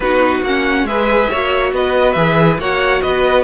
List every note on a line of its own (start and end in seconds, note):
0.00 0.41 B3
0.00 0.45 D#4
0.00 0.87 F#4
0.00 0.41 B4
0.42 0.83 A#3
0.42 0.88 C#4
0.42 0.86 F#5
0.83 1.26 G#3
0.83 1.31 G#4
0.83 1.30 B4
0.83 1.72 E5
1.30 1.72 A#3
1.30 2.16 F#4
1.30 1.73 C#5
1.72 2.15 B3
1.72 2.60 B4
1.72 2.12 D#5
2.12 2.58 E3
2.12 2.59 G#4
2.12 2.55 E5
2.58 3.01 A#3
2.58 3.44 F#4
2.58 3.01 C#5
2.58 3.02 F#5
3.01 3.44 B3
3.01 3.44 B4
3.01 3.44 D#5